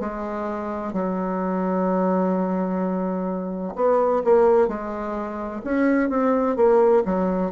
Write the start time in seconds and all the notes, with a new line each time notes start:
0.00 G#3
0.93 F#3
3.76 B3
4.24 A#3
4.68 G#3
5.64 C#4
6.10 C4
6.56 A#3
7.05 F#3